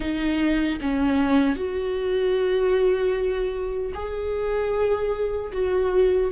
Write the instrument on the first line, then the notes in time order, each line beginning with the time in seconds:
viola
0.00 D#4
0.81 C#4
1.55 F#4
3.94 G#4
5.52 F#4